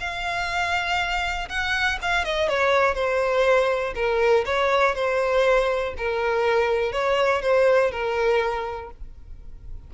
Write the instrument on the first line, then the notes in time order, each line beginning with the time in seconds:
violin
0.00 F5
1.49 F#5
2.02 F5
2.24 D#5
2.49 C#5
2.95 C5
3.95 A#4
4.45 C#5
4.95 C5
5.97 A#4
6.92 C#5
7.42 C5
7.91 A#4